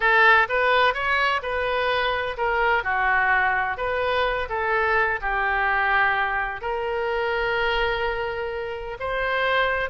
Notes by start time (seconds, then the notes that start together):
0.00 A4
0.49 B4
0.94 C#5
1.42 B4
2.37 A#4
2.83 F#4
3.77 B4
4.49 A4
5.21 G4
6.61 A#4
8.99 C5